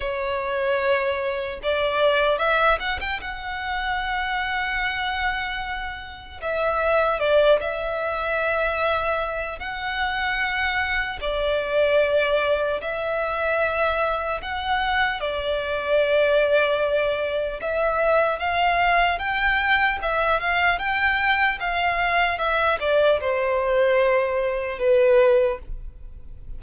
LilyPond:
\new Staff \with { instrumentName = "violin" } { \time 4/4 \tempo 4 = 75 cis''2 d''4 e''8 fis''16 g''16 | fis''1 | e''4 d''8 e''2~ e''8 | fis''2 d''2 |
e''2 fis''4 d''4~ | d''2 e''4 f''4 | g''4 e''8 f''8 g''4 f''4 | e''8 d''8 c''2 b'4 | }